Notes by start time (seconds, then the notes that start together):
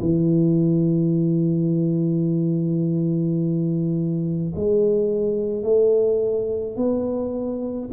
0.00 E3
4.55 G#3
5.63 A3
6.76 B3